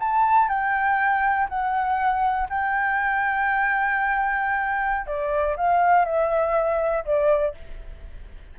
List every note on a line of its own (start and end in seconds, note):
0.00 0.49 A5
0.49 1.48 G5
1.49 2.49 F#5
2.50 5.07 G5
5.07 5.56 D5
5.57 6.05 F5
6.05 7.04 E5
7.05 7.55 D5